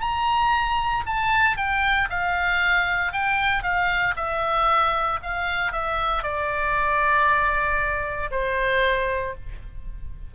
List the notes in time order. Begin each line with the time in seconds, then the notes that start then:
0.00 A#5
1.06 A5
1.57 G5
2.09 F5
3.12 G5
3.63 F5
4.16 E5
5.22 F5
5.72 E5
6.23 D5
8.31 C5